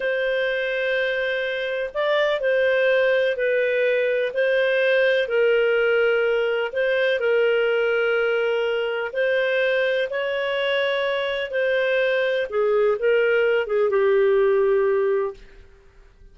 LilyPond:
\new Staff \with { instrumentName = "clarinet" } { \time 4/4 \tempo 4 = 125 c''1 | d''4 c''2 b'4~ | b'4 c''2 ais'4~ | ais'2 c''4 ais'4~ |
ais'2. c''4~ | c''4 cis''2. | c''2 gis'4 ais'4~ | ais'8 gis'8 g'2. | }